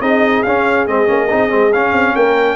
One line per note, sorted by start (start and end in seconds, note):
0.00 0.43 C4
0.00 0.45 D#4
0.00 2.15 G#4
0.00 0.43 D#5
0.43 0.88 C#4
0.43 0.87 C#4
0.43 0.86 F5
0.87 1.08 G#3
0.87 1.06 C4
0.87 1.72 D#5
1.06 1.31 A#3
1.06 1.27 C#4
1.29 1.52 C4
1.29 1.49 D#4
1.49 1.73 G#3
1.49 1.71 C4
1.72 1.92 C#4
1.72 2.56 C#4
1.72 2.15 F5
1.92 2.14 C4
2.15 2.56 A#3
2.15 2.56 A#4
2.15 2.56 G5